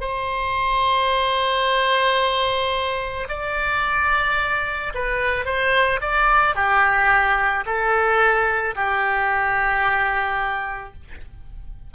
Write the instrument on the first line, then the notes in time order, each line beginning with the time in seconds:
oboe
0.00 C5
3.29 D5
4.94 B4
5.45 C5
6.01 D5
6.55 G4
7.66 A4
8.75 G4